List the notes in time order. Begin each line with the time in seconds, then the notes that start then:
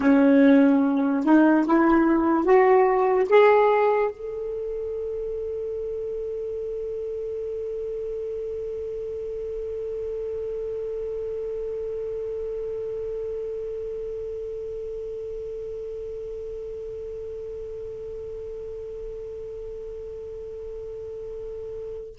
0.00 C#4
1.24 D#4
1.66 E4
2.44 F#4
3.29 G#4
4.11 A4